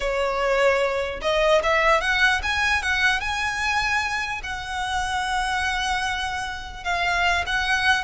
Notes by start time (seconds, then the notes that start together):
0.00 C#5
1.21 D#5
1.63 E5
2.00 F#5
2.42 G#5
2.82 F#5
3.20 G#5
4.43 F#5
6.84 F5
7.46 F#5